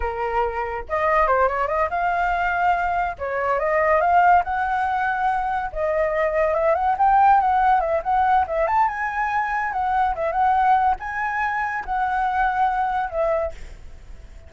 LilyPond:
\new Staff \with { instrumentName = "flute" } { \time 4/4 \tempo 4 = 142 ais'2 dis''4 c''8 cis''8 | dis''8 f''2. cis''8~ | cis''8 dis''4 f''4 fis''4.~ | fis''4. dis''2 e''8 |
fis''8 g''4 fis''4 e''8 fis''4 | e''8 a''8 gis''2 fis''4 | e''8 fis''4. gis''2 | fis''2. e''4 | }